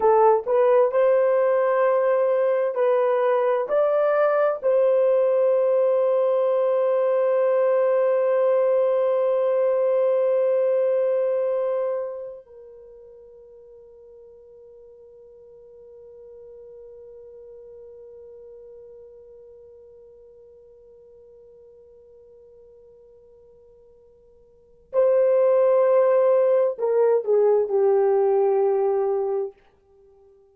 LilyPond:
\new Staff \with { instrumentName = "horn" } { \time 4/4 \tempo 4 = 65 a'8 b'8 c''2 b'4 | d''4 c''2.~ | c''1~ | c''4. ais'2~ ais'8~ |
ais'1~ | ais'1~ | ais'2. c''4~ | c''4 ais'8 gis'8 g'2 | }